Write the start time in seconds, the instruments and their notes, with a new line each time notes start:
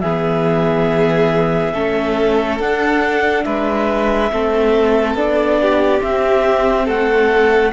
0.00 cello E3, viola B3, violin G#4, clarinet E5
1.73 cello A3, viola C#4, violin A4
2.59 cello D4, viola D4, clarinet F#5
3.44 cello G#3, violin B4, clarinet E5
4.31 cello A3, viola C4, violin A4
5.15 cello B3, viola D4, clarinet D5
5.62 violin G4
5.99 viola C4, cello C4, clarinet E5
6.85 cello A3, violin A4, clarinet F#5